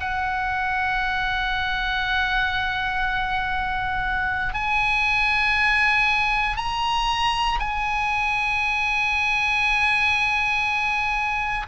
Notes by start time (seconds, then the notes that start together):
0.00 F#5
4.53 G#5
6.56 A#5
7.59 G#5